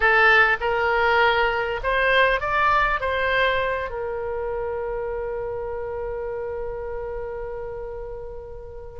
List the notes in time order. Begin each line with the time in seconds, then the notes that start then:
0.00 A4
0.60 A#4
1.83 C5
2.40 D5
3.00 C5
3.89 A#4